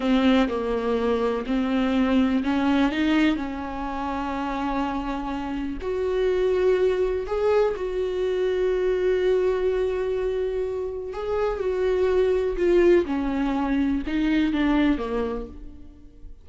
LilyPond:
\new Staff \with { instrumentName = "viola" } { \time 4/4 \tempo 4 = 124 c'4 ais2 c'4~ | c'4 cis'4 dis'4 cis'4~ | cis'1 | fis'2. gis'4 |
fis'1~ | fis'2. gis'4 | fis'2 f'4 cis'4~ | cis'4 dis'4 d'4 ais4 | }